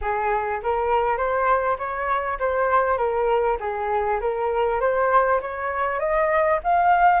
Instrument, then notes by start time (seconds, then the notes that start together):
flute
0.01 G#4
0.62 A#4
1.17 C5
1.78 C#5
2.39 C5
2.97 A#4
3.59 G#4
4.21 A#4
4.80 C5
5.41 C#5
5.99 D#5
6.63 F5